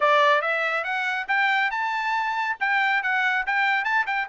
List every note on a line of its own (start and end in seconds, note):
0.00 0.41 D5
0.41 0.84 E5
0.84 1.26 F#5
1.27 1.70 G5
1.70 2.56 A5
2.60 3.02 G5
3.02 3.45 F#5
3.46 3.84 G5
3.84 4.05 A5
4.06 4.27 G5